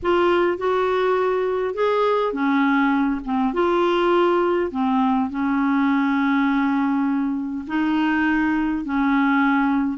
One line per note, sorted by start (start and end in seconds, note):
0.02 0.57 F4
0.57 1.74 F#4
1.74 2.32 G#4
2.32 3.21 C#4
3.24 3.53 C4
3.53 4.71 F4
4.71 5.29 C4
5.29 7.65 C#4
7.67 8.84 D#4
8.84 9.98 C#4